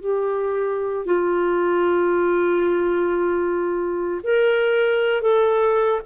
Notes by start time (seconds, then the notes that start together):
0.00 G4
1.05 F4
4.23 A#4
5.22 A4